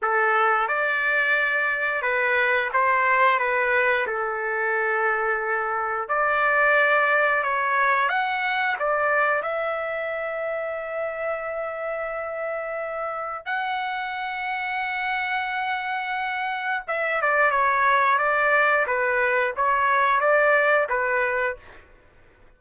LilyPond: \new Staff \with { instrumentName = "trumpet" } { \time 4/4 \tempo 4 = 89 a'4 d''2 b'4 | c''4 b'4 a'2~ | a'4 d''2 cis''4 | fis''4 d''4 e''2~ |
e''1 | fis''1~ | fis''4 e''8 d''8 cis''4 d''4 | b'4 cis''4 d''4 b'4 | }